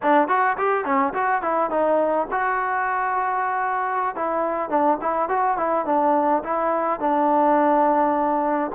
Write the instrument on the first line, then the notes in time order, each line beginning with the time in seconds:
trombone
0.02 D4
0.28 F#4
0.57 G4
0.84 C#4
1.13 F#4
1.42 E4
1.70 D#4
2.31 F#4
4.15 E4
4.69 D4
5.01 E4
5.28 F#4
5.57 E4
5.85 D4
6.43 E4
6.99 D4